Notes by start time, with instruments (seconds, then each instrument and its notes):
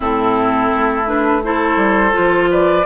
0.00 bassoon A2, clarinet C4, oboe E4, flute A4
0.74 bassoon A3
1.06 clarinet D4, flute B4
1.42 clarinet E4, oboe A4, flute C5
1.76 bassoon G3
2.11 clarinet F4
2.18 bassoon F3
2.50 oboe B4, flute D5